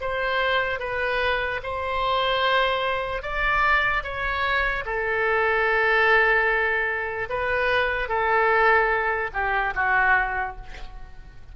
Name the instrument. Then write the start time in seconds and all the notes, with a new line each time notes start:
oboe
0.00 C5
0.79 B4
1.63 C5
3.22 D5
4.03 C#5
4.85 A4
7.29 B4
8.08 A4
9.33 G4
9.75 F#4